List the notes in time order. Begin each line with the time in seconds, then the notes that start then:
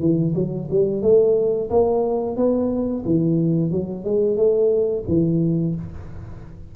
0.00 E3
0.35 F#3
0.71 G3
1.02 A3
1.70 A#3
2.37 B3
3.06 E3
3.71 F#3
4.04 G#3
4.37 A3
5.08 E3